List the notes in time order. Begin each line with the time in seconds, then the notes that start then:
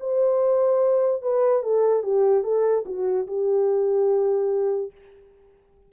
0.00 C5
1.22 B4
1.63 A4
2.03 G4
2.44 A4
2.86 F#4
3.27 G4